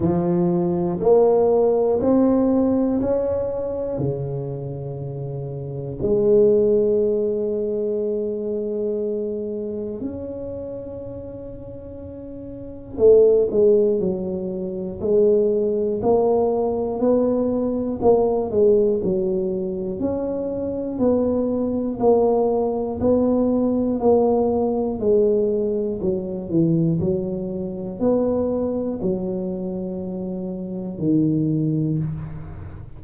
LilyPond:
\new Staff \with { instrumentName = "tuba" } { \time 4/4 \tempo 4 = 60 f4 ais4 c'4 cis'4 | cis2 gis2~ | gis2 cis'2~ | cis'4 a8 gis8 fis4 gis4 |
ais4 b4 ais8 gis8 fis4 | cis'4 b4 ais4 b4 | ais4 gis4 fis8 e8 fis4 | b4 fis2 dis4 | }